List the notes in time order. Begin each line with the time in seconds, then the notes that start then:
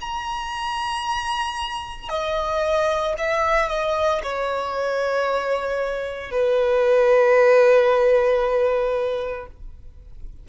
0.00 A#5
2.09 D#5
3.18 E5
3.68 D#5
4.22 C#5
6.31 B4